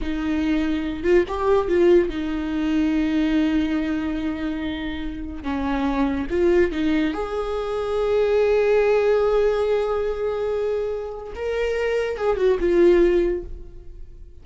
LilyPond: \new Staff \with { instrumentName = "viola" } { \time 4/4 \tempo 4 = 143 dis'2~ dis'8 f'8 g'4 | f'4 dis'2.~ | dis'1~ | dis'4 cis'2 f'4 |
dis'4 gis'2.~ | gis'1~ | gis'2. ais'4~ | ais'4 gis'8 fis'8 f'2 | }